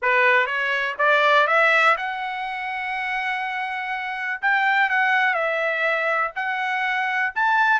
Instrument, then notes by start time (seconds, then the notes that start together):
trumpet
0.02 B4
0.46 C#5
0.98 D5
1.47 E5
1.97 F#5
4.41 G5
4.89 F#5
5.33 E5
6.35 F#5
7.35 A5